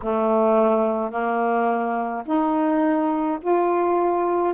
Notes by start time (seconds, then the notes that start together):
0.02 A3
1.10 A#3
2.25 D#4
3.41 F4